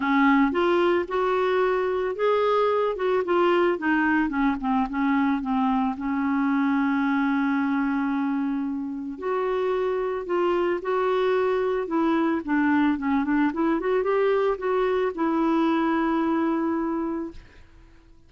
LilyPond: \new Staff \with { instrumentName = "clarinet" } { \time 4/4 \tempo 4 = 111 cis'4 f'4 fis'2 | gis'4. fis'8 f'4 dis'4 | cis'8 c'8 cis'4 c'4 cis'4~ | cis'1~ |
cis'4 fis'2 f'4 | fis'2 e'4 d'4 | cis'8 d'8 e'8 fis'8 g'4 fis'4 | e'1 | }